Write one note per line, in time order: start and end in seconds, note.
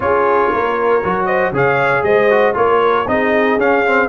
0.00 0.51 C#4
0.00 1.02 F4
0.00 0.51 G#4
0.00 1.25 C#5
0.51 1.03 A#3
0.51 1.26 A#4
1.04 1.51 F#3
1.04 1.54 F#4
1.25 1.52 C5
1.25 1.51 D#5
1.51 2.02 C#3
1.51 2.30 G#4
1.51 2.04 C#5
1.51 2.03 F5
2.03 2.54 G#3
2.03 2.56 C5
2.03 2.54 D#5
2.30 2.53 F#4
2.53 3.06 A#3
2.53 3.05 F4
2.53 3.09 A#4
2.53 3.07 C#5
3.07 3.56 C4
3.07 3.58 D#4
3.07 4.08 G#4
3.07 3.59 D#5
3.56 4.08 C#4
3.56 3.85 C#4
3.56 4.08 F5
3.86 4.08 C4